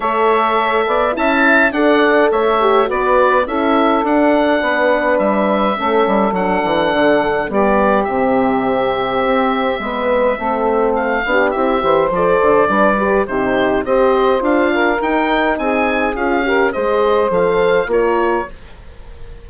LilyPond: <<
  \new Staff \with { instrumentName = "oboe" } { \time 4/4 \tempo 4 = 104 e''2 a''4 fis''4 | e''4 d''4 e''4 fis''4~ | fis''4 e''2 fis''4~ | fis''4 d''4 e''2~ |
e''2. f''4 | e''4 d''2 c''4 | dis''4 f''4 g''4 gis''4 | f''4 dis''4 f''4 cis''4 | }
  \new Staff \with { instrumentName = "saxophone" } { \time 4/4 cis''4. d''8 e''4 d''4 | cis''4 b'4 a'2 | b'2 a'2~ | a'4 g'2.~ |
g'4 b'4 a'4. g'8~ | g'8 c''4. b'4 g'4 | c''4. ais'4. gis'4~ | gis'8 ais'8 c''2 ais'4 | }
  \new Staff \with { instrumentName = "horn" } { \time 4/4 a'2 e'4 a'4~ | a'8 g'8 fis'4 e'4 d'4~ | d'2 cis'4 d'4~ | d'4 b4 c'2~ |
c'4 b4 c'4. d'8 | e'8 g'8 a'4 d'8 g'8 dis'4 | g'4 f'4 dis'2 | f'8 g'8 gis'4 a'4 f'4 | }
  \new Staff \with { instrumentName = "bassoon" } { \time 4/4 a4. b8 cis'4 d'4 | a4 b4 cis'4 d'4 | b4 g4 a8 g8 fis8 e8 | d4 g4 c2 |
c'4 gis4 a4. b8 | c'8 e8 f8 d8 g4 c4 | c'4 d'4 dis'4 c'4 | cis'4 gis4 f4 ais4 | }
>>